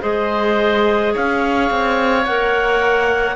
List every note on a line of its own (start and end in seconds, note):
0.00 1.14 G#3
0.00 2.22 G#4
0.00 1.13 C5
0.00 1.13 D#5
1.13 1.70 C#4
1.13 3.35 C#5
1.13 2.25 F5
1.70 2.25 C4
2.25 3.35 A#3
2.25 3.35 A#4
2.25 3.35 F#5